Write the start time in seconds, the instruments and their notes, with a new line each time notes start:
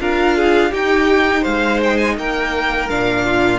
0.00 cello D4, viola F4, violin A#4 F5
0.37 violin G#4
0.71 cello D#4, viola D#4, violin G4 G5
1.41 cello G#3, violin C5 F5
1.83 violin G5
1.97 violin G#5
2.17 cello A#3, violin A#4 G5
2.89 cello A#2, viola D4, violin F5
3.25 violin F4